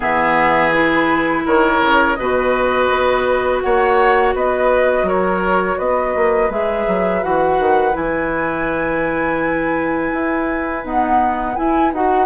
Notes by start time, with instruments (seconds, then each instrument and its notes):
0.00 bassoon E3, clarinet B3, oboe G#4, flute E5
0.72 clarinet E4, flute B4
1.45 bassoon D#3, oboe A#4, flute C#5
1.80 bassoon C#3
2.15 bassoon B2, clarinet F#4, oboe B4, flute D#5
2.89 bassoon B3
3.61 bassoon A#3, oboe C#5, flute F#5
4.34 bassoon B3, oboe B4, flute D#5
5.03 bassoon F#3, oboe A#4, flute C#5
5.77 bassoon B3, oboe B4, flute D#5
6.15 bassoon A#3
6.49 bassoon G#3, clarinet G#4, flute E5
6.87 bassoon F#3
7.22 bassoon E3, clarinet F#4, flute F#5
7.59 bassoon D#3
7.91 bassoon E3, clarinet E4, flute G#5
10.12 bassoon E4
10.84 clarinet B3, bassoon D#4, flute F#5
11.56 clarinet E4, bassoon E4, flute G#5
11.92 bassoon D#4, clarinet F#4, flute F#5